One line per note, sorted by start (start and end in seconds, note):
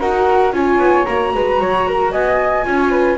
0.00 0.53 D#4
0.00 0.53 F#4
0.00 0.53 A#4
0.00 0.53 F#5
0.53 0.78 C#4
0.53 1.06 F4
0.53 1.33 C#5
0.53 1.05 G#5
0.78 1.05 B3
1.05 1.34 A#3
1.05 2.63 F#4
1.05 2.11 A#5
1.34 1.59 G#3
1.34 1.61 B4
1.59 2.12 F#3
1.59 1.87 C#5
1.88 2.12 A#4
2.12 2.65 B3
2.12 2.65 D#5
2.12 3.18 G#5
2.63 3.18 C#4
2.63 3.17 F4
2.63 2.91 C#5
2.91 3.17 B4